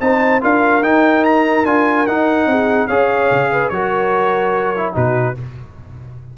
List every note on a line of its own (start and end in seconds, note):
0.00 0.42 C4
0.00 0.41 D#4
0.00 0.42 C5
0.00 0.41 A5
0.41 0.82 D4
0.41 0.82 F4
0.41 2.49 A#4
0.41 0.83 F5
0.82 1.65 D#4
0.82 1.66 D#4
0.82 1.24 G5
1.24 1.65 A#5
1.65 2.06 D4
1.65 2.07 F4
1.65 2.06 G#5
2.06 2.46 D#4
2.06 2.89 D#4
2.06 2.87 F#5
2.46 2.87 C4
2.46 2.87 G#4
2.87 3.30 C#4
2.87 3.72 G#4
2.87 3.49 C#5
2.87 3.69 F5
3.31 3.71 C#3
3.52 3.72 B4
3.69 4.95 F#3
3.69 4.76 F#4
3.69 4.95 A#4
3.69 4.93 C#5
4.76 4.93 E4
4.93 5.37 B2
4.93 5.34 D#4
4.93 5.36 F#4
4.93 5.37 B4